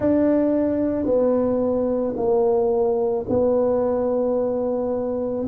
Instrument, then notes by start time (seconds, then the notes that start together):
tuba
0.00 D4
1.05 B3
2.16 A#3
3.29 B3